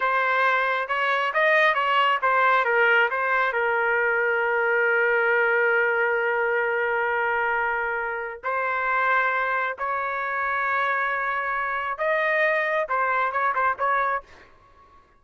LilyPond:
\new Staff \with { instrumentName = "trumpet" } { \time 4/4 \tempo 4 = 135 c''2 cis''4 dis''4 | cis''4 c''4 ais'4 c''4 | ais'1~ | ais'1~ |
ais'2. c''4~ | c''2 cis''2~ | cis''2. dis''4~ | dis''4 c''4 cis''8 c''8 cis''4 | }